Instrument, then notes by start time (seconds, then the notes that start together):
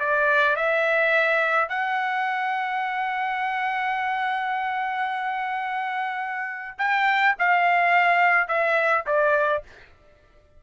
trumpet
0.00 D5
0.56 E5
1.69 F#5
6.79 G5
7.39 F5
8.48 E5
9.07 D5